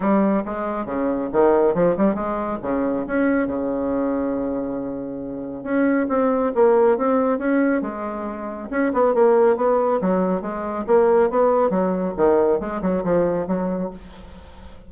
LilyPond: \new Staff \with { instrumentName = "bassoon" } { \time 4/4 \tempo 4 = 138 g4 gis4 cis4 dis4 | f8 g8 gis4 cis4 cis'4 | cis1~ | cis4 cis'4 c'4 ais4 |
c'4 cis'4 gis2 | cis'8 b8 ais4 b4 fis4 | gis4 ais4 b4 fis4 | dis4 gis8 fis8 f4 fis4 | }